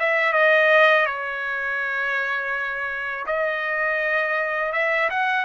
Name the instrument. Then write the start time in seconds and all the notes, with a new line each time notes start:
trumpet
0.00 E5
0.33 D#5
1.07 C#5
3.27 D#5
4.73 E5
5.11 F#5